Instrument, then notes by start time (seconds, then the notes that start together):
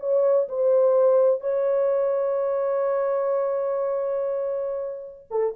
horn
0.00 C#5
0.49 C5
1.41 C#5
5.31 A4